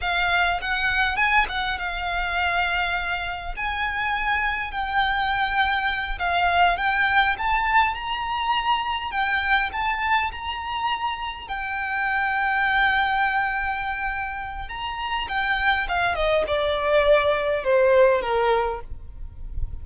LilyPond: \new Staff \with { instrumentName = "violin" } { \time 4/4 \tempo 4 = 102 f''4 fis''4 gis''8 fis''8 f''4~ | f''2 gis''2 | g''2~ g''8 f''4 g''8~ | g''8 a''4 ais''2 g''8~ |
g''8 a''4 ais''2 g''8~ | g''1~ | g''4 ais''4 g''4 f''8 dis''8 | d''2 c''4 ais'4 | }